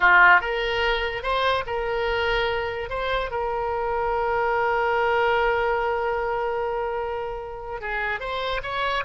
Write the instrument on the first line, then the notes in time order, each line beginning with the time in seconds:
oboe
0.00 F4
0.40 A#4
1.23 C5
1.66 A#4
2.89 C5
3.30 A#4
7.80 G#4
8.19 C5
8.62 C#5